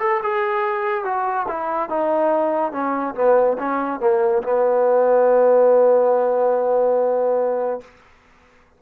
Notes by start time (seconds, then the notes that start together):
0.00 A4
0.23 G#4
1.04 F#4
1.48 E4
1.89 D#4
2.72 C#4
3.15 B3
3.58 C#4
4.00 A#3
4.43 B3